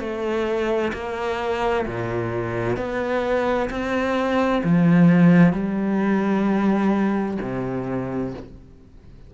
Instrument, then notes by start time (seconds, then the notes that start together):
cello
0.00 A3
0.94 A#3
1.86 A#2
2.77 B3
3.70 C4
4.64 F3
5.53 G3
7.42 C3